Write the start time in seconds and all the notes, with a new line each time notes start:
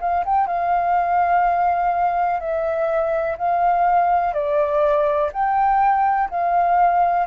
0.00 F5
0.25 G5
0.46 F5
2.40 E5
3.37 F5
4.33 D5
5.32 G5
6.29 F5